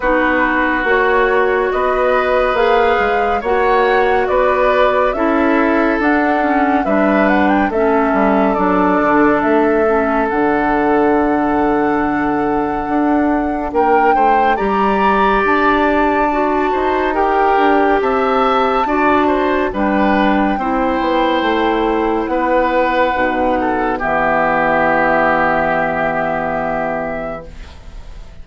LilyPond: <<
  \new Staff \with { instrumentName = "flute" } { \time 4/4 \tempo 4 = 70 b'4 cis''4 dis''4 f''4 | fis''4 d''4 e''4 fis''4 | e''8 fis''16 g''16 e''4 d''4 e''4 | fis''1 |
g''4 ais''4 a''2 | g''4 a''2 g''4~ | g''2 fis''2 | e''1 | }
  \new Staff \with { instrumentName = "oboe" } { \time 4/4 fis'2 b'2 | cis''4 b'4 a'2 | b'4 a'2.~ | a'1 |
ais'8 c''8 d''2~ d''8 c''8 | ais'4 e''4 d''8 c''8 b'4 | c''2 b'4. a'8 | g'1 | }
  \new Staff \with { instrumentName = "clarinet" } { \time 4/4 dis'4 fis'2 gis'4 | fis'2 e'4 d'8 cis'8 | d'4 cis'4 d'4. cis'8 | d'1~ |
d'4 g'2 fis'4 | g'2 fis'4 d'4 | e'2. dis'4 | b1 | }
  \new Staff \with { instrumentName = "bassoon" } { \time 4/4 b4 ais4 b4 ais8 gis8 | ais4 b4 cis'4 d'4 | g4 a8 g8 fis8 d8 a4 | d2. d'4 |
ais8 a8 g4 d'4. dis'8~ | dis'8 d'8 c'4 d'4 g4 | c'8 b8 a4 b4 b,4 | e1 | }
>>